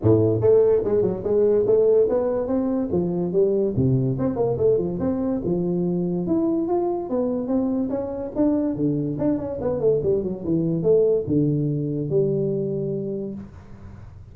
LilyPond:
\new Staff \with { instrumentName = "tuba" } { \time 4/4 \tempo 4 = 144 a,4 a4 gis8 fis8 gis4 | a4 b4 c'4 f4 | g4 c4 c'8 ais8 a8 f8 | c'4 f2 e'4 |
f'4 b4 c'4 cis'4 | d'4 d4 d'8 cis'8 b8 a8 | g8 fis8 e4 a4 d4~ | d4 g2. | }